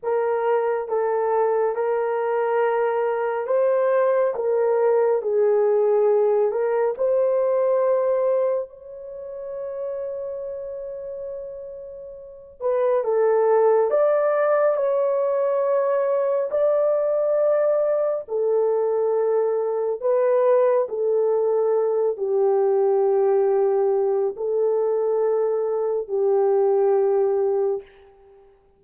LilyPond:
\new Staff \with { instrumentName = "horn" } { \time 4/4 \tempo 4 = 69 ais'4 a'4 ais'2 | c''4 ais'4 gis'4. ais'8 | c''2 cis''2~ | cis''2~ cis''8 b'8 a'4 |
d''4 cis''2 d''4~ | d''4 a'2 b'4 | a'4. g'2~ g'8 | a'2 g'2 | }